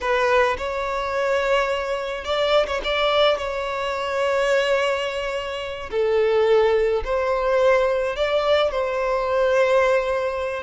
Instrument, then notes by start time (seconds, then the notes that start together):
violin
0.00 B4
0.57 C#5
2.24 D5
2.66 C#5
2.83 D5
3.37 C#5
5.90 A4
7.04 C5
8.15 D5
8.71 C5